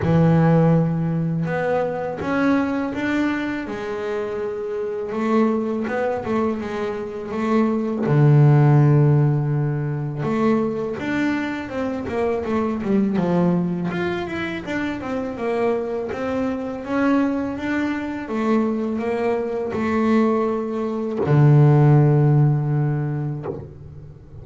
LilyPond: \new Staff \with { instrumentName = "double bass" } { \time 4/4 \tempo 4 = 82 e2 b4 cis'4 | d'4 gis2 a4 | b8 a8 gis4 a4 d4~ | d2 a4 d'4 |
c'8 ais8 a8 g8 f4 f'8 e'8 | d'8 c'8 ais4 c'4 cis'4 | d'4 a4 ais4 a4~ | a4 d2. | }